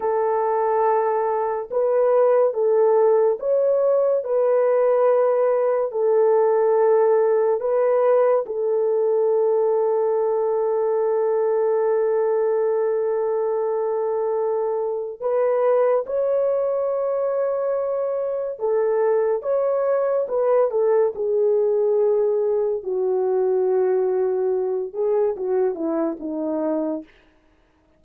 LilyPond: \new Staff \with { instrumentName = "horn" } { \time 4/4 \tempo 4 = 71 a'2 b'4 a'4 | cis''4 b'2 a'4~ | a'4 b'4 a'2~ | a'1~ |
a'2 b'4 cis''4~ | cis''2 a'4 cis''4 | b'8 a'8 gis'2 fis'4~ | fis'4. gis'8 fis'8 e'8 dis'4 | }